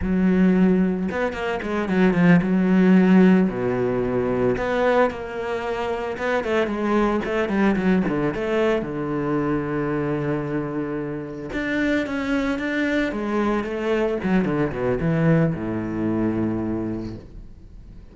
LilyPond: \new Staff \with { instrumentName = "cello" } { \time 4/4 \tempo 4 = 112 fis2 b8 ais8 gis8 fis8 | f8 fis2 b,4.~ | b,8 b4 ais2 b8 | a8 gis4 a8 g8 fis8 d8 a8~ |
a8 d2.~ d8~ | d4. d'4 cis'4 d'8~ | d'8 gis4 a4 fis8 d8 b,8 | e4 a,2. | }